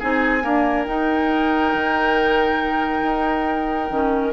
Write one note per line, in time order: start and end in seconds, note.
0.00 0.45 C4
0.00 0.41 D#4
0.00 0.43 G#4
0.00 0.86 G#5
0.41 0.85 A#3
0.41 0.88 D4
0.41 4.33 A#4
0.85 3.89 D#4
0.85 1.74 D#4
0.85 4.33 G5
1.74 3.03 D#3
3.03 3.90 D#4
3.90 4.33 D#3
3.90 4.33 C#4